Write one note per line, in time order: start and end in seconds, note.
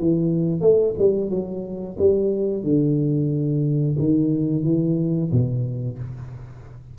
0.00 0.61 E3
0.61 0.95 A3
0.99 1.31 G3
1.31 1.97 F#3
1.99 2.64 G3
2.64 3.97 D3
3.99 4.64 D#3
4.64 5.31 E3
5.32 5.99 B2